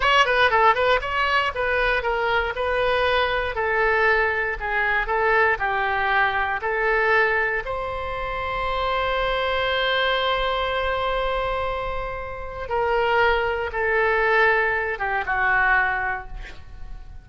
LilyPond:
\new Staff \with { instrumentName = "oboe" } { \time 4/4 \tempo 4 = 118 cis''8 b'8 a'8 b'8 cis''4 b'4 | ais'4 b'2 a'4~ | a'4 gis'4 a'4 g'4~ | g'4 a'2 c''4~ |
c''1~ | c''1~ | c''4 ais'2 a'4~ | a'4. g'8 fis'2 | }